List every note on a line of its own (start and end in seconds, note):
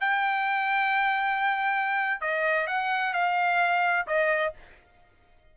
0.00 2.21 G5
2.21 2.67 D#5
2.67 3.13 F#5
3.13 4.06 F5
4.07 4.53 D#5